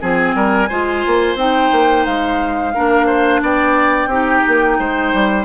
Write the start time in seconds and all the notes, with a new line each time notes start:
0.00 F3 C4 G#4 G#5
0.35 G3 A#4
0.69 G#3 F4 C5
1.07 A#3
1.36 C4 D#4 G5
1.72 A#3
2.06 G#3 F5
2.75 A#3 D4 A#4
3.07 C5
3.42 B3 D5 G5
4.07 C4 D#4 G4
4.48 A#3
4.79 G#3 C5
5.14 G3